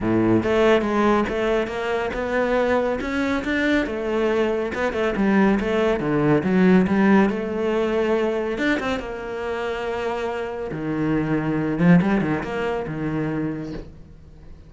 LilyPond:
\new Staff \with { instrumentName = "cello" } { \time 4/4 \tempo 4 = 140 a,4 a4 gis4 a4 | ais4 b2 cis'4 | d'4 a2 b8 a8 | g4 a4 d4 fis4 |
g4 a2. | d'8 c'8 ais2.~ | ais4 dis2~ dis8 f8 | g8 dis8 ais4 dis2 | }